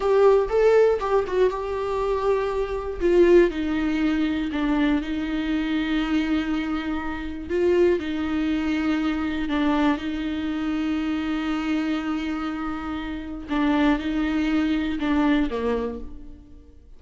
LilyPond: \new Staff \with { instrumentName = "viola" } { \time 4/4 \tempo 4 = 120 g'4 a'4 g'8 fis'8 g'4~ | g'2 f'4 dis'4~ | dis'4 d'4 dis'2~ | dis'2. f'4 |
dis'2. d'4 | dis'1~ | dis'2. d'4 | dis'2 d'4 ais4 | }